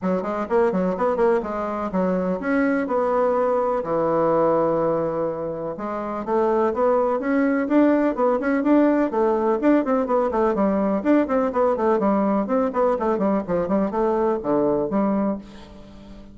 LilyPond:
\new Staff \with { instrumentName = "bassoon" } { \time 4/4 \tempo 4 = 125 fis8 gis8 ais8 fis8 b8 ais8 gis4 | fis4 cis'4 b2 | e1 | gis4 a4 b4 cis'4 |
d'4 b8 cis'8 d'4 a4 | d'8 c'8 b8 a8 g4 d'8 c'8 | b8 a8 g4 c'8 b8 a8 g8 | f8 g8 a4 d4 g4 | }